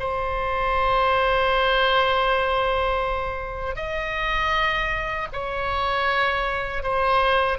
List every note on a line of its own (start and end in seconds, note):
0.00 3.76 C5
3.76 5.28 D#5
5.33 6.83 C#5
6.83 7.59 C5